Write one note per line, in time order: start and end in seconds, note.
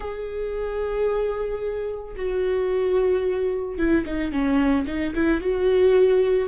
0.00 2.15 G#4
2.16 3.77 F#4
3.77 4.04 E4
4.05 4.31 D#4
4.31 4.86 C#4
4.86 5.14 D#4
5.14 5.40 E4
5.40 6.48 F#4